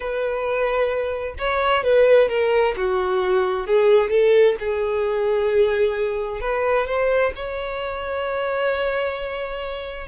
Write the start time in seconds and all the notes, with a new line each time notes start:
0.00 B4
1.38 C#5
1.83 B4
2.29 A#4
2.76 F#4
3.66 G#4
4.10 A4
4.59 G#4
6.40 B4
6.86 C5
7.35 C#5